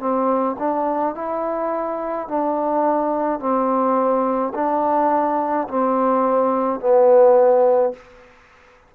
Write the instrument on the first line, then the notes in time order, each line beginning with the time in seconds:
trombone
0.00 C4
0.59 D4
1.15 E4
2.28 D4
3.40 C4
4.55 D4
5.68 C4
6.80 B3